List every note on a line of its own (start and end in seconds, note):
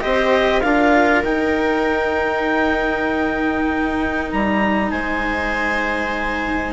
0.00 0.63 C4
0.00 0.61 G4
0.00 0.63 C5
0.00 0.61 D#5
0.61 1.23 D4
0.61 1.24 F4
0.61 4.91 A#4
0.61 1.22 F5
1.23 4.30 D#4
1.23 6.73 D#4
1.23 4.30 G5
4.31 4.91 G3
4.31 4.90 A#5
4.90 6.73 G#3
4.90 6.73 C5
4.90 6.73 G#5